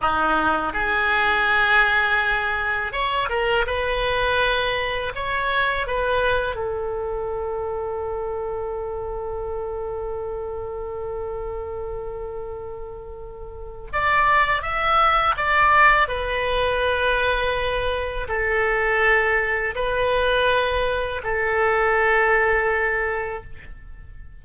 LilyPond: \new Staff \with { instrumentName = "oboe" } { \time 4/4 \tempo 4 = 82 dis'4 gis'2. | cis''8 ais'8 b'2 cis''4 | b'4 a'2.~ | a'1~ |
a'2. d''4 | e''4 d''4 b'2~ | b'4 a'2 b'4~ | b'4 a'2. | }